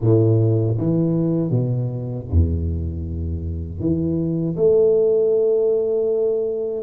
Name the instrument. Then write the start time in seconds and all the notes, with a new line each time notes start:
tuba
0.01 A2
0.77 E3
1.50 B2
2.31 E2
3.79 E3
4.56 A3